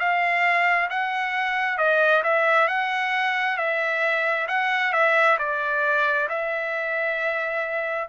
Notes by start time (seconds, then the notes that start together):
0.00 F5
0.90 F#5
1.78 D#5
2.24 E5
2.68 F#5
3.58 E5
4.49 F#5
4.93 E5
5.39 D5
6.30 E5